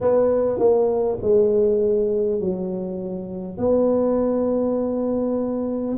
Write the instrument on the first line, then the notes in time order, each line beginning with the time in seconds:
tuba
0.01 B3
0.58 A#3
1.21 G#3
2.40 F#3
3.57 B3